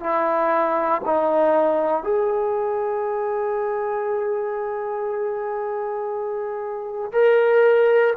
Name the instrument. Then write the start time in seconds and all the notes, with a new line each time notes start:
trombone
0.00 E4
1.05 D#4
2.03 G#4
7.12 A#4